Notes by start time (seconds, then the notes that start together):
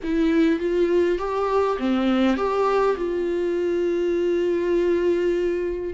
0.03 E4
0.59 F4
1.18 G4
1.78 C4
2.36 G4
2.96 F4